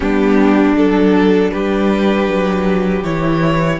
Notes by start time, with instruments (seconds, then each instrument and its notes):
0.00 cello G3, viola B3, violin D4 G4
0.76 cello F#3, viola D4, violin A4
1.51 cello G3, violin G4 B4
2.27 cello F#3
3.03 cello E3, viola E4, violin C#5